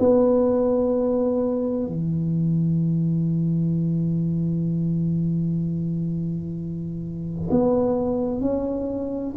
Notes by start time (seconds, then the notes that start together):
0.00 B3
1.87 E3
7.51 B3
8.42 C#4